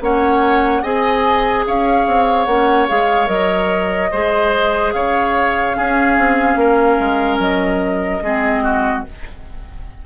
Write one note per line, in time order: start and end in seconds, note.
0.00 0.82 A#3
0.00 0.83 C#4
0.00 0.82 C#5
0.00 0.83 F#5
0.82 1.65 C4
0.82 2.47 G#4
0.82 1.64 D#5
0.82 1.65 G#5
1.67 2.07 C#4
1.67 4.11 C#5
1.67 2.45 F5
2.07 2.46 C4
2.45 2.87 A#3
2.45 2.88 C#4
2.45 2.86 F#5
2.88 3.28 G#3
2.88 3.26 G#4
2.88 3.28 F5
3.26 4.10 F#3
3.26 4.08 A#4
3.26 4.92 D#5
4.11 4.94 G#3
4.11 5.74 G#4
4.11 4.93 C5
4.92 5.76 C#3
4.92 5.76 C#5
4.92 7.39 F5
5.74 8.21 C#4
5.74 6.17 C#4
5.74 6.59 G#4
6.17 6.55 C4
6.55 6.97 A#3
6.55 8.23 A#4
6.99 7.39 G#3
7.39 8.21 F#3
7.39 9.04 D#5
8.22 9.04 G#3
8.22 9.05 C4
8.22 8.63 G#4
8.63 9.04 F#4